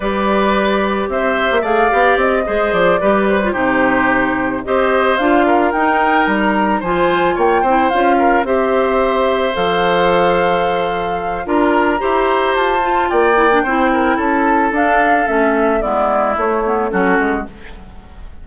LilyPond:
<<
  \new Staff \with { instrumentName = "flute" } { \time 4/4 \tempo 4 = 110 d''2 e''4 f''4 | dis''4 d''4 c''2~ | c''8 dis''4 f''4 g''4 ais''8~ | ais''8 gis''4 g''4 f''4 e''8~ |
e''4. f''2~ f''8~ | f''4 ais''2 a''4 | g''2 a''4 f''4 | e''4 d''4 cis''4 a'4 | }
  \new Staff \with { instrumentName = "oboe" } { \time 4/4 b'2 c''4 d''4~ | d''8 c''4 b'4 g'4.~ | g'8 c''4. ais'2~ | ais'8 c''4 cis''8 c''4 ais'8 c''8~ |
c''1~ | c''4 ais'4 c''2 | d''4 c''8 ais'8 a'2~ | a'4 e'2 fis'4 | }
  \new Staff \with { instrumentName = "clarinet" } { \time 4/4 g'2. gis'8 g'8~ | g'8 gis'4 g'8. f'16 dis'4.~ | dis'8 g'4 f'4 dis'4.~ | dis'8 f'4. e'8 f'4 g'8~ |
g'4. a'2~ a'8~ | a'4 f'4 g'4. f'8~ | f'8 e'16 d'16 e'2 d'4 | cis'4 b4 a8 b8 cis'4 | }
  \new Staff \with { instrumentName = "bassoon" } { \time 4/4 g2 c'8. ais16 a8 b8 | c'8 gis8 f8 g4 c4.~ | c8 c'4 d'4 dis'4 g8~ | g8 f4 ais8 c'8 cis'4 c'8~ |
c'4. f2~ f8~ | f4 d'4 e'4 f'4 | ais4 c'4 cis'4 d'4 | a4 gis4 a4 fis8 gis8 | }
>>